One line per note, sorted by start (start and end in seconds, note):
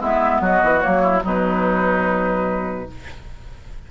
0.00 0.40 G#3
0.00 0.80 B3
0.00 0.41 E4
0.00 0.42 E5
0.40 0.61 F#3
0.40 1.02 F#4
0.40 0.80 D#5
0.63 0.84 E3
0.80 1.24 F#3
0.80 1.21 A#3
0.80 1.21 C#5
1.02 1.23 E4
1.22 2.88 B2
1.22 2.87 F#3
1.22 2.88 D#4
1.22 2.91 B4